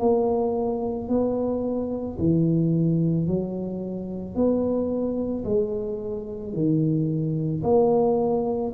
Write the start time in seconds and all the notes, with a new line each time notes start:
0.00 A#3
1.09 B3
2.19 E3
3.28 F#3
4.35 B3
5.45 G#3
6.54 D#3
7.64 A#3